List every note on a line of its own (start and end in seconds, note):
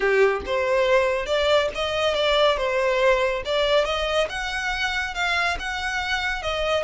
0.00 0.41 G4
0.46 1.25 C5
1.25 1.68 D5
1.75 2.14 D#5
2.14 2.57 D5
2.57 3.43 C5
3.45 3.84 D5
3.84 4.27 D#5
4.29 5.14 F#5
5.14 5.57 F5
5.59 6.42 F#5
6.42 6.83 D#5